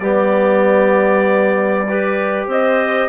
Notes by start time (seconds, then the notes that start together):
0.00 G3 B3 G4 D5
1.87 G4 B4
2.47 C4 C5 D#5